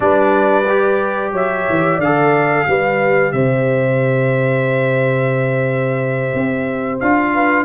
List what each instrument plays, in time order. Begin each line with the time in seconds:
0.00 tuba G3, trombone D4, horn B4, trumpet D5
0.68 trombone G4
1.32 tuba F#3, horn C#5, trumpet E5
1.69 tuba E3
1.95 tuba D3, horn D5, trumpet F5
2.04 trombone A4
2.67 tuba G3, trombone G4, horn B4
3.32 tuba C3, horn C5, trumpet E5
6.33 tuba C4
6.99 tuba D4, trombone F4, trumpet F5
7.33 horn B4